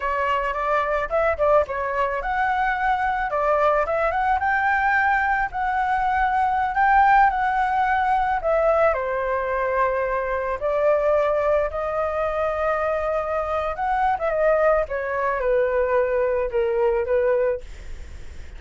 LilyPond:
\new Staff \with { instrumentName = "flute" } { \time 4/4 \tempo 4 = 109 cis''4 d''4 e''8 d''8 cis''4 | fis''2 d''4 e''8 fis''8 | g''2 fis''2~ | fis''16 g''4 fis''2 e''8.~ |
e''16 c''2. d''8.~ | d''4~ d''16 dis''2~ dis''8.~ | dis''4 fis''8. e''16 dis''4 cis''4 | b'2 ais'4 b'4 | }